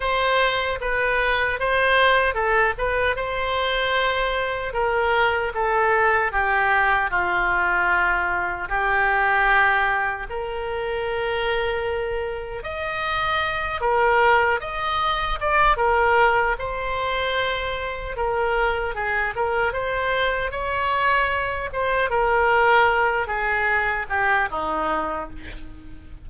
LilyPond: \new Staff \with { instrumentName = "oboe" } { \time 4/4 \tempo 4 = 76 c''4 b'4 c''4 a'8 b'8 | c''2 ais'4 a'4 | g'4 f'2 g'4~ | g'4 ais'2. |
dis''4. ais'4 dis''4 d''8 | ais'4 c''2 ais'4 | gis'8 ais'8 c''4 cis''4. c''8 | ais'4. gis'4 g'8 dis'4 | }